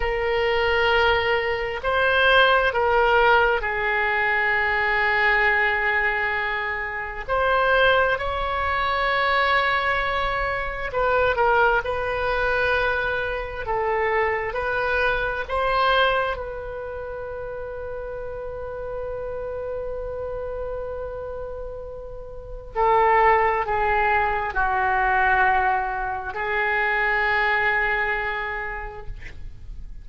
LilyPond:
\new Staff \with { instrumentName = "oboe" } { \time 4/4 \tempo 4 = 66 ais'2 c''4 ais'4 | gis'1 | c''4 cis''2. | b'8 ais'8 b'2 a'4 |
b'4 c''4 b'2~ | b'1~ | b'4 a'4 gis'4 fis'4~ | fis'4 gis'2. | }